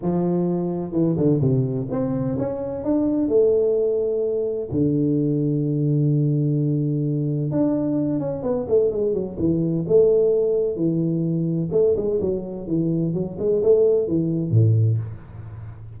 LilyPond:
\new Staff \with { instrumentName = "tuba" } { \time 4/4 \tempo 4 = 128 f2 e8 d8 c4 | c'4 cis'4 d'4 a4~ | a2 d2~ | d1 |
d'4. cis'8 b8 a8 gis8 fis8 | e4 a2 e4~ | e4 a8 gis8 fis4 e4 | fis8 gis8 a4 e4 a,4 | }